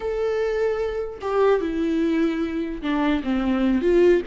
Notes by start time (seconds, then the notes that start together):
0.00 A4
1.21 G4
1.61 E4
2.82 D4
3.23 C4
3.81 F4